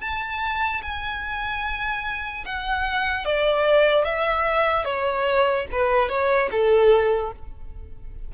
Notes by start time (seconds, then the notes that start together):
0.00 A5
0.82 G#5
2.45 F#5
3.25 D5
4.04 E5
4.84 C#5
5.72 B4
6.08 C#5
6.51 A4